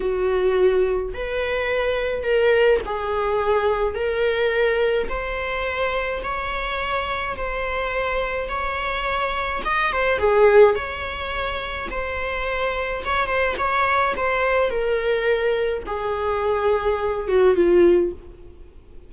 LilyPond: \new Staff \with { instrumentName = "viola" } { \time 4/4 \tempo 4 = 106 fis'2 b'2 | ais'4 gis'2 ais'4~ | ais'4 c''2 cis''4~ | cis''4 c''2 cis''4~ |
cis''4 dis''8 c''8 gis'4 cis''4~ | cis''4 c''2 cis''8 c''8 | cis''4 c''4 ais'2 | gis'2~ gis'8 fis'8 f'4 | }